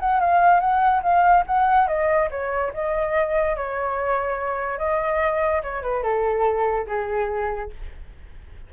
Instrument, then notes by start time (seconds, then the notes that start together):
flute
0.00 F#5
0.20 F5
0.60 F#5
1.03 F5
1.47 F#5
1.87 D#5
2.31 C#5
2.74 D#5
3.56 C#5
4.78 D#5
5.63 C#5
5.82 B4
6.03 A4
6.87 G#4